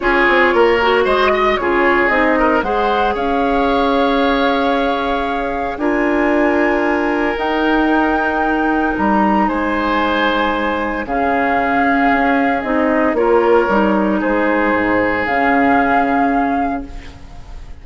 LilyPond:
<<
  \new Staff \with { instrumentName = "flute" } { \time 4/4 \tempo 4 = 114 cis''2 dis''4 cis''4 | dis''4 fis''4 f''2~ | f''2. gis''4~ | gis''2 g''2~ |
g''4 ais''4 gis''2~ | gis''4 f''2. | dis''4 cis''2 c''4~ | c''4 f''2. | }
  \new Staff \with { instrumentName = "oboe" } { \time 4/4 gis'4 ais'4 c''8 dis''8 gis'4~ | gis'8 ais'8 c''4 cis''2~ | cis''2. ais'4~ | ais'1~ |
ais'2 c''2~ | c''4 gis'2.~ | gis'4 ais'2 gis'4~ | gis'1 | }
  \new Staff \with { instrumentName = "clarinet" } { \time 4/4 f'4. fis'4. f'4 | dis'4 gis'2.~ | gis'2. f'4~ | f'2 dis'2~ |
dis'1~ | dis'4 cis'2. | dis'4 f'4 dis'2~ | dis'4 cis'2. | }
  \new Staff \with { instrumentName = "bassoon" } { \time 4/4 cis'8 c'8 ais4 gis4 cis4 | c'4 gis4 cis'2~ | cis'2. d'4~ | d'2 dis'2~ |
dis'4 g4 gis2~ | gis4 cis2 cis'4 | c'4 ais4 g4 gis4 | gis,4 cis2. | }
>>